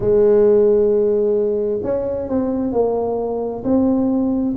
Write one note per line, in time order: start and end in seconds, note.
0.00 1.80 G#3
1.83 2.28 C#4
2.28 2.72 C4
2.72 3.63 A#3
3.64 4.55 C4